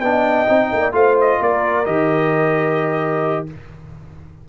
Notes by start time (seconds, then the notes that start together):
0.00 B3 D4 D#5 G5
0.46 C4 D#4
0.72 A#3
0.80 D5
0.92 A3 F4 C5 F5
1.20 D#5
1.40 A#3 A#4 D5
1.85 D#3 G4 D#5